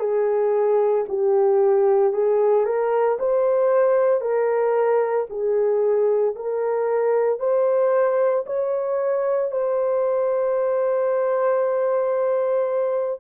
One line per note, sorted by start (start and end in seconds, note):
0.00 1.05 G#4
1.09 2.13 G4
2.13 2.66 G#4
2.66 3.18 A#4
3.19 4.22 C5
4.22 5.27 A#4
5.30 6.35 G#4
6.36 7.40 A#4
7.40 8.45 C5
8.47 9.52 C#5
9.52 13.20 C5